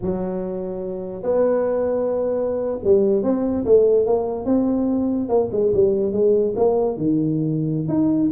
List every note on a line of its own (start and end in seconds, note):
0.01 1.22 F#3
1.22 2.79 B3
2.83 3.23 G3
3.23 3.64 C4
3.65 4.05 A3
4.05 4.45 A#3
4.45 5.28 C4
5.28 5.49 A#3
5.52 5.73 G#3
5.74 6.12 G3
6.12 6.54 G#3
6.55 6.97 A#3
6.97 7.88 D#3
7.88 8.29 D#4